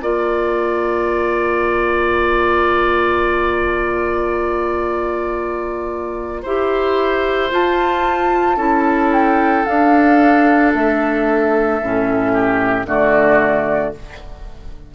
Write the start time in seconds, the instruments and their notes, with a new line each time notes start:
0.00 bassoon A#3, clarinet F4, oboe D5, flute A#5
6.42 bassoon E4, clarinet G4, oboe C5
7.50 clarinet F4, bassoon F4, flute A5
8.56 bassoon C#4, clarinet E4, oboe A4
9.12 flute G5
9.65 clarinet D4, bassoon D4, flute F5
10.74 bassoon A3, flute E5
11.82 bassoon A2, clarinet C#4
12.32 oboe G4
12.85 bassoon D3, clarinet A3, oboe F#4, flute D5